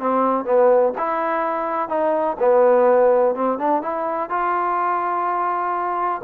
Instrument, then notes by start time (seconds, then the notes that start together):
trombone
0.00 C4
0.45 B3
0.98 E4
1.89 D#4
2.40 B3
3.36 C4
3.59 D4
3.82 E4
4.30 F4